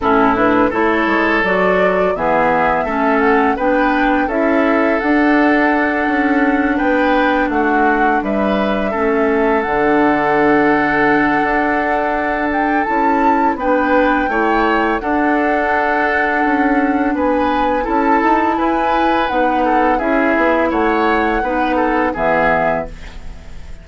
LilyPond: <<
  \new Staff \with { instrumentName = "flute" } { \time 4/4 \tempo 4 = 84 a'8 b'8 cis''4 d''4 e''4~ | e''8 fis''8 g''4 e''4 fis''4~ | fis''4. g''4 fis''4 e''8~ | e''4. fis''2~ fis''8~ |
fis''4. g''8 a''4 g''4~ | g''4 fis''2. | gis''4 a''4 gis''4 fis''4 | e''4 fis''2 e''4 | }
  \new Staff \with { instrumentName = "oboe" } { \time 4/4 e'4 a'2 gis'4 | a'4 b'4 a'2~ | a'4. b'4 fis'4 b'8~ | b'8 a'2.~ a'8~ |
a'2. b'4 | cis''4 a'2. | b'4 a'4 b'4. a'8 | gis'4 cis''4 b'8 a'8 gis'4 | }
  \new Staff \with { instrumentName = "clarinet" } { \time 4/4 cis'8 d'8 e'4 fis'4 b4 | cis'4 d'4 e'4 d'4~ | d'1~ | d'8 cis'4 d'2~ d'8~ |
d'2 e'4 d'4 | e'4 d'2.~ | d'4 e'2 dis'4 | e'2 dis'4 b4 | }
  \new Staff \with { instrumentName = "bassoon" } { \time 4/4 a,4 a8 gis8 fis4 e4 | a4 b4 cis'4 d'4~ | d'8 cis'4 b4 a4 g8~ | g8 a4 d2~ d8 |
d'2 cis'4 b4 | a4 d'2 cis'4 | b4 cis'8 dis'8 e'4 b4 | cis'8 b8 a4 b4 e4 | }
>>